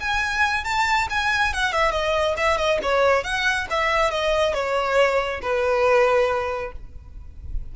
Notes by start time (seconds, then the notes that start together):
0.00 G#5
0.64 A5
1.10 G#5
1.54 F#5
1.73 E5
1.92 D#5
2.37 E5
2.57 D#5
2.83 C#5
3.24 F#5
3.70 E5
4.11 D#5
4.54 C#5
5.42 B4